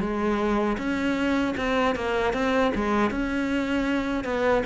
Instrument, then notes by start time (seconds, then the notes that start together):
cello
0.00 G#3
0.78 C#4
1.57 C4
1.95 A#3
2.33 C4
2.75 G#3
3.10 C#4
4.24 B3